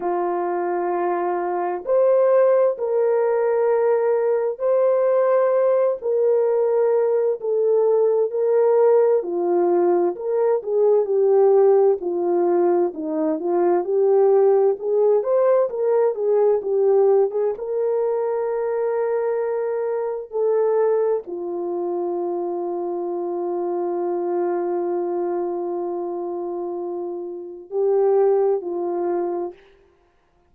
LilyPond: \new Staff \with { instrumentName = "horn" } { \time 4/4 \tempo 4 = 65 f'2 c''4 ais'4~ | ais'4 c''4. ais'4. | a'4 ais'4 f'4 ais'8 gis'8 | g'4 f'4 dis'8 f'8 g'4 |
gis'8 c''8 ais'8 gis'8 g'8. gis'16 ais'4~ | ais'2 a'4 f'4~ | f'1~ | f'2 g'4 f'4 | }